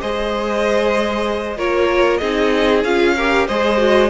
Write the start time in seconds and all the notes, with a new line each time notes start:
0.00 G#3 G#4 C5 D#5
1.57 A#3 F4 A#4 C#5
2.17 C4 D#4 G#4 D#5
2.84 C#4 F4 F5
3.16 G4 A#4
3.47 G#3 G#4 C5 D#5
3.77 F#4